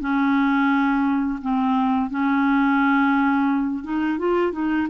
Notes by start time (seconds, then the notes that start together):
0.00 C#4
1.41 C4
2.10 C#4
3.84 D#4
4.19 F4
4.52 D#4